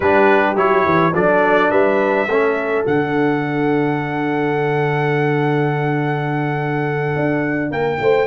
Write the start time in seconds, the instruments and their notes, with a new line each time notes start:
0.00 tuba G3, trombone D4, horn G4, trumpet B4
0.55 tuba F#3, trombone E4, trumpet C#5
0.84 tuba E3
1.13 tuba F#3, trombone D4, horn A4, trumpet D5
1.70 tuba G3, horn B4, trumpet E5
2.27 tuba A3, trombone C#4, horn A4
2.85 tuba D3, trombone D4, trumpet F#5
7.15 tuba D4
7.70 tuba A#3, horn A#4, trumpet G5
8.00 tuba A3, horn C5